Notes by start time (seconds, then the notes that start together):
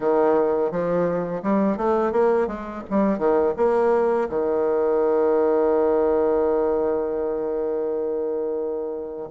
0.00 D#3
0.71 F3
1.43 G3
1.77 A3
2.11 A#3
2.47 G#3
2.90 G3
3.18 D#3
3.56 A#3
4.29 D#3